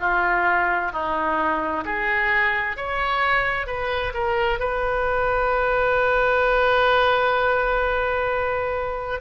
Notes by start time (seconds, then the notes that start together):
0.00 F4
0.92 D#4
1.85 G#4
2.77 C#5
3.67 B4
4.14 A#4
4.59 B4